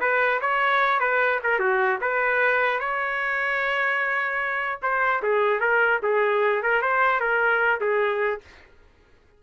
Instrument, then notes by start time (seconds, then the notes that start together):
trumpet
0.00 B4
0.41 C#5
1.00 B4
1.43 A#4
1.59 F#4
2.01 B4
2.80 C#5
4.82 C5
5.22 G#4
5.60 A#4
6.02 G#4
6.62 A#4
6.82 C5
7.20 A#4
7.80 G#4